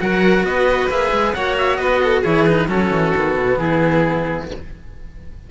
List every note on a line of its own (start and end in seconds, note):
0.00 0.43 F#3
0.00 0.90 F#4
0.00 0.45 A#4
0.00 0.45 F#5
0.43 0.88 B3
0.43 1.35 B4
0.43 0.90 D#5
0.89 1.11 A#3
0.89 1.35 G#4
0.89 1.33 E5
1.11 1.34 G#3
1.33 1.78 A#3
1.33 2.25 F#4
1.33 1.79 C#5
1.33 1.56 F#5
1.58 1.76 E5
1.76 2.23 B3
1.76 2.02 B4
1.76 2.21 D#5
2.03 2.21 A4
2.21 2.68 E3
2.21 2.47 E4
2.21 2.66 G#4
2.21 2.45 C#5
2.45 2.68 D#4
2.45 2.67 B4
2.68 2.90 F#3
2.68 3.13 C#4
2.68 3.60 F#4
2.68 3.59 A4
2.90 3.13 E3
3.15 3.36 D#3
3.15 4.50 B3
3.36 3.57 B2
3.57 4.47 E3
3.57 4.50 E4
3.57 4.48 G#4